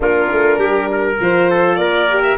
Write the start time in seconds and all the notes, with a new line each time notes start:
0.00 A#3 D4 F4 A#4
0.32 A3
0.58 G3 G4
0.92 A#4
1.20 F3 F4 C5
1.50 A4
1.75 A#3 A#4 D5
2.09 G4
2.23 E5